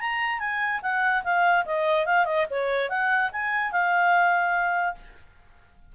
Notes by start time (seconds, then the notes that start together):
0.00 A#5
0.39 G#5
0.82 F#5
1.23 F5
1.65 D#5
2.05 F5
2.25 D#5
2.50 C#5
2.89 F#5
3.32 G#5
3.71 F5